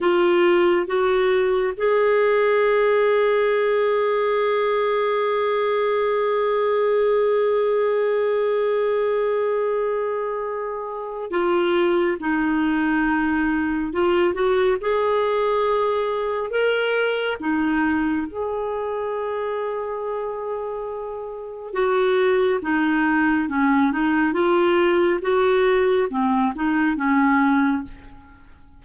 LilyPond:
\new Staff \with { instrumentName = "clarinet" } { \time 4/4 \tempo 4 = 69 f'4 fis'4 gis'2~ | gis'1~ | gis'1~ | gis'4 f'4 dis'2 |
f'8 fis'8 gis'2 ais'4 | dis'4 gis'2.~ | gis'4 fis'4 dis'4 cis'8 dis'8 | f'4 fis'4 c'8 dis'8 cis'4 | }